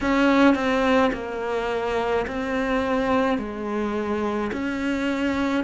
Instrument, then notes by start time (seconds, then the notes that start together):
cello
0.00 C#4
0.54 C4
1.12 A#3
2.26 C4
3.38 G#3
4.52 C#4